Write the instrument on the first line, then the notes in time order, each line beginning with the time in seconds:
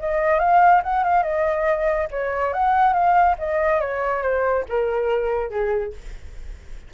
flute
0.00 D#5
0.40 F5
0.84 F#5
1.04 F5
1.24 D#5
2.11 C#5
2.54 F#5
2.94 F5
3.39 D#5
3.81 C#5
4.23 C5
4.69 A#4
5.51 G#4